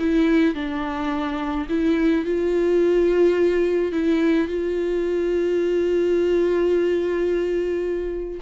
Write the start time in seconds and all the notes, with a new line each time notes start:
0.00 E4
0.55 D4
1.69 E4
2.25 F4
3.93 E4
4.48 F4